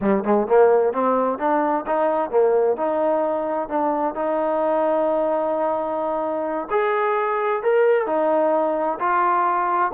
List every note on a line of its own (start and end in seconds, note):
0.00 0.23 G3
0.24 0.47 G#3
0.47 0.93 A#3
0.93 1.38 C4
1.38 1.85 D4
1.86 2.30 D#4
2.30 2.76 A#3
2.76 3.68 D#4
3.68 4.14 D4
4.14 6.68 D#4
6.70 7.62 G#4
7.62 8.06 A#4
8.06 8.98 D#4
8.99 9.91 F4